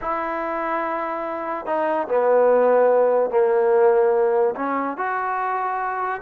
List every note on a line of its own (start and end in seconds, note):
0.01 1.66 E4
1.66 2.07 D#4
2.08 3.30 B3
3.30 4.54 A#3
4.55 4.97 C#4
4.97 6.21 F#4